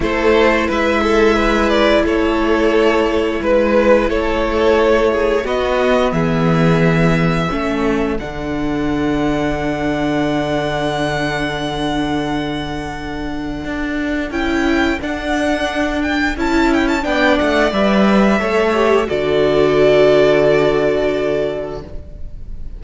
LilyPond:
<<
  \new Staff \with { instrumentName = "violin" } { \time 4/4 \tempo 4 = 88 c''4 e''4. d''8 cis''4~ | cis''4 b'4 cis''2 | dis''4 e''2. | fis''1~ |
fis''1~ | fis''4 g''4 fis''4. g''8 | a''8 g''16 a''16 g''8 fis''8 e''2 | d''1 | }
  \new Staff \with { instrumentName = "violin" } { \time 4/4 a'4 b'8 a'8 b'4 a'4~ | a'4 b'4 a'4. gis'8 | fis'4 gis'2 a'4~ | a'1~ |
a'1~ | a'1~ | a'4 d''2 cis''4 | a'1 | }
  \new Staff \with { instrumentName = "viola" } { \time 4/4 e'1~ | e'1 | b2. cis'4 | d'1~ |
d'1~ | d'4 e'4 d'2 | e'4 d'4 b'4 a'8 g'8 | fis'1 | }
  \new Staff \with { instrumentName = "cello" } { \time 4/4 a4 gis2 a4~ | a4 gis4 a2 | b4 e2 a4 | d1~ |
d1 | d'4 cis'4 d'2 | cis'4 b8 a8 g4 a4 | d1 | }
>>